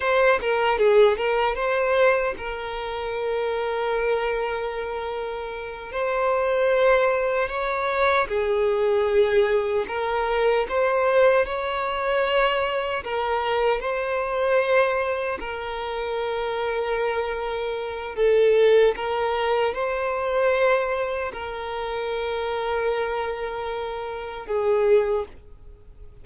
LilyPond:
\new Staff \with { instrumentName = "violin" } { \time 4/4 \tempo 4 = 76 c''8 ais'8 gis'8 ais'8 c''4 ais'4~ | ais'2.~ ais'8 c''8~ | c''4. cis''4 gis'4.~ | gis'8 ais'4 c''4 cis''4.~ |
cis''8 ais'4 c''2 ais'8~ | ais'2. a'4 | ais'4 c''2 ais'4~ | ais'2. gis'4 | }